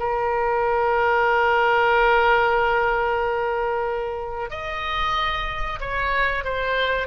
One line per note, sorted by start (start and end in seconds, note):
0.00 4.51 A#4
4.51 5.80 D#5
5.81 6.45 C#5
6.45 7.08 C5